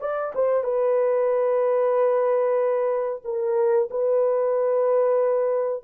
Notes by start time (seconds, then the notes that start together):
0.00 D5
0.34 C5
0.63 B4
3.24 A#4
3.90 B4